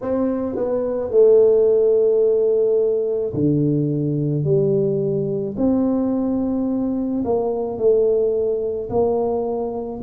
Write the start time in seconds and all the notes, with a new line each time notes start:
0.01 C4
0.55 B3
1.11 A3
3.33 D3
4.44 G3
5.57 C4
7.24 A#3
7.78 A3
8.89 A#3